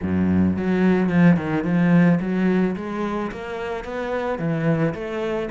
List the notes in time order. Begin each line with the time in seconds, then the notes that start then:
0.02 F#2
0.57 F#3
1.09 F3
1.36 D#3
1.64 F3
2.20 F#3
2.76 G#3
3.31 A#3
3.84 B3
4.39 E3
4.94 A3